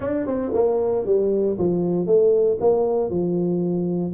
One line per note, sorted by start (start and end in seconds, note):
0.00 0.26 D4
0.26 0.52 C4
0.54 1.05 A#3
1.05 1.57 G3
1.58 2.06 F3
2.06 2.58 A3
2.60 3.10 A#3
3.10 4.13 F3